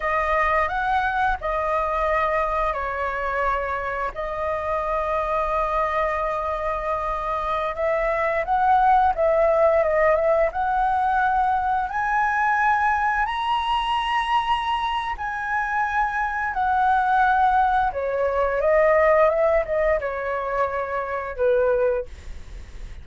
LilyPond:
\new Staff \with { instrumentName = "flute" } { \time 4/4 \tempo 4 = 87 dis''4 fis''4 dis''2 | cis''2 dis''2~ | dis''2.~ dis''16 e''8.~ | e''16 fis''4 e''4 dis''8 e''8 fis''8.~ |
fis''4~ fis''16 gis''2 ais''8.~ | ais''2 gis''2 | fis''2 cis''4 dis''4 | e''8 dis''8 cis''2 b'4 | }